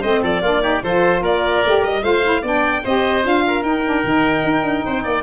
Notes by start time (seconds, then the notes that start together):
0.00 A3 C4 C5 D#5
0.22 F3 A4 D5
0.42 A#3 D4 F4
0.62 D#4 G4
0.83 F3 F4 A4 C5
1.21 A#3 A#4 D5
1.65 A3 G4
1.84 G3 D#5
2.02 A3 F4 C5 F5
2.23 E4
2.42 B3 D4 D5
2.48 G5
2.83 C4 G4 C5 D#5
3.22 D4 F4 F5
3.47 A#4
3.63 D#4 G5
3.85 D4
4.04 D#3 D#4
4.44 D#4
4.62 D4
4.85 C4 C5
5.03 A#3 D5